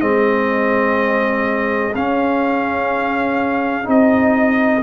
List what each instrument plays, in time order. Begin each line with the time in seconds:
0.00 tuba G#3, trombone C4, horn G#4, trumpet D#5
1.95 tuba C#4, trombone C#4, trumpet F5
3.84 tuba C4, trombone D#4, trumpet D#5